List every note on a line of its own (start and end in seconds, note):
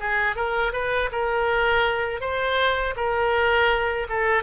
0.00 0.36 G#4
0.36 0.73 A#4
0.73 1.10 B4
1.12 2.21 A#4
2.21 2.95 C5
2.97 4.08 A#4
4.10 4.43 A4